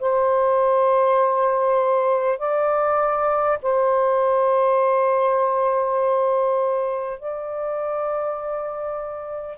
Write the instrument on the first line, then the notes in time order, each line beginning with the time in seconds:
saxophone
0.00 C5
2.38 D5
3.62 C5
7.19 D5